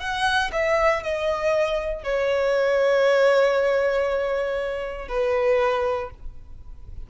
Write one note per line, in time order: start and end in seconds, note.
0.00 0.51 F#5
0.53 1.04 E5
1.04 2.04 D#5
2.04 5.09 C#5
5.09 6.11 B4